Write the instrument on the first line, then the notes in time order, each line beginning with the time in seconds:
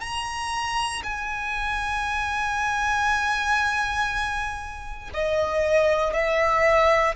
violin
0.00 A#5
1.03 G#5
5.14 D#5
6.13 E5